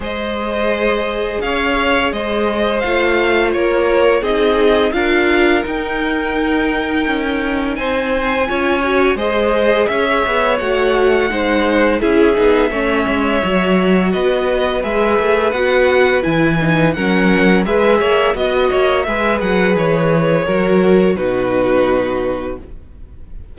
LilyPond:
<<
  \new Staff \with { instrumentName = "violin" } { \time 4/4 \tempo 4 = 85 dis''2 f''4 dis''4 | f''4 cis''4 dis''4 f''4 | g''2. gis''4~ | gis''4 dis''4 e''4 fis''4~ |
fis''4 e''2. | dis''4 e''4 fis''4 gis''4 | fis''4 e''4 dis''4 e''8 fis''8 | cis''2 b'2 | }
  \new Staff \with { instrumentName = "violin" } { \time 4/4 c''2 cis''4 c''4~ | c''4 ais'4 gis'4 ais'4~ | ais'2. c''4 | cis''4 c''4 cis''2 |
c''4 gis'4 cis''2 | b'1 | ais'4 b'8 cis''8 dis''8 cis''8 b'4~ | b'4 ais'4 fis'2 | }
  \new Staff \with { instrumentName = "viola" } { \time 4/4 gis'1 | f'2 dis'4 f'4 | dis'1 | f'8 fis'8 gis'2 fis'4 |
dis'4 e'8 dis'8 cis'4 fis'4~ | fis'4 gis'4 fis'4 e'8 dis'8 | cis'4 gis'4 fis'4 gis'4~ | gis'4 fis'4 dis'2 | }
  \new Staff \with { instrumentName = "cello" } { \time 4/4 gis2 cis'4 gis4 | a4 ais4 c'4 d'4 | dis'2 cis'4 c'4 | cis'4 gis4 cis'8 b8 a4 |
gis4 cis'8 b8 a8 gis8 fis4 | b4 gis8 a8 b4 e4 | fis4 gis8 ais8 b8 ais8 gis8 fis8 | e4 fis4 b,2 | }
>>